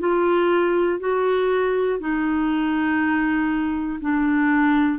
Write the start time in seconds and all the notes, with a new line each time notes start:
0.00 F4
1.00 F#4
2.00 D#4
4.01 D4